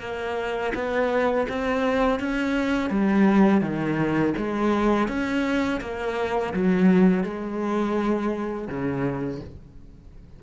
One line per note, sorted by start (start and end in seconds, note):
0.00 0.72 A#3
0.74 1.47 B3
1.49 2.19 C4
2.19 2.90 C#4
2.90 3.61 G3
3.61 4.33 D#3
4.37 5.08 G#3
5.08 5.80 C#4
5.81 6.53 A#3
6.54 7.23 F#3
7.23 8.68 G#3
8.68 9.40 C#3